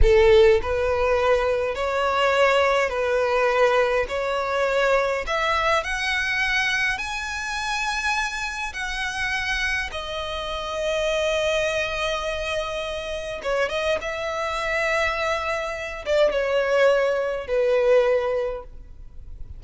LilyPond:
\new Staff \with { instrumentName = "violin" } { \time 4/4 \tempo 4 = 103 a'4 b'2 cis''4~ | cis''4 b'2 cis''4~ | cis''4 e''4 fis''2 | gis''2. fis''4~ |
fis''4 dis''2.~ | dis''2. cis''8 dis''8 | e''2.~ e''8 d''8 | cis''2 b'2 | }